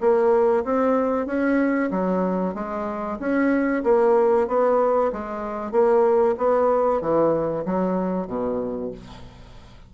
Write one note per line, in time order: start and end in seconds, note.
0.00 0.64 A#3
0.64 1.26 C4
1.26 1.90 C#4
1.91 2.54 F#3
2.54 3.18 G#3
3.19 3.83 C#4
3.84 4.47 A#3
4.48 5.12 B3
5.12 5.71 G#3
5.71 6.35 A#3
6.37 7.01 B3
7.01 7.65 E3
7.65 8.27 F#3
8.27 8.91 B2